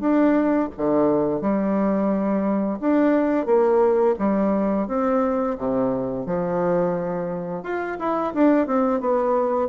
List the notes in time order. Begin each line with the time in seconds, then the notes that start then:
0.00 D4
0.77 D3
1.41 G3
2.80 D4
3.46 A#3
4.19 G3
4.87 C4
5.58 C3
6.26 F3
7.63 F4
7.99 E4
8.34 D4
8.66 C4
9.00 B3